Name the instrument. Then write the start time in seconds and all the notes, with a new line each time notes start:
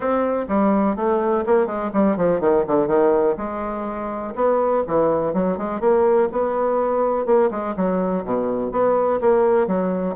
bassoon
0.00 C4
0.48 G3
0.96 A3
1.46 A#3
1.66 G#3
1.93 G3
2.17 F3
2.40 D#3
2.67 D3
2.87 D#3
3.37 G#3
4.35 B3
4.87 E3
5.33 F#3
5.57 G#3
5.80 A#3
6.31 B3
7.25 A#3
7.50 G#3
7.76 F#3
8.24 B2
8.71 B3
9.20 A#3
9.67 F#3